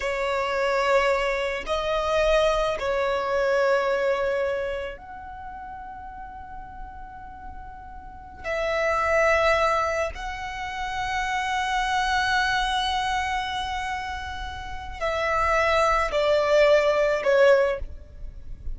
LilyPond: \new Staff \with { instrumentName = "violin" } { \time 4/4 \tempo 4 = 108 cis''2. dis''4~ | dis''4 cis''2.~ | cis''4 fis''2.~ | fis''2.~ fis''16 e''8.~ |
e''2~ e''16 fis''4.~ fis''16~ | fis''1~ | fis''2. e''4~ | e''4 d''2 cis''4 | }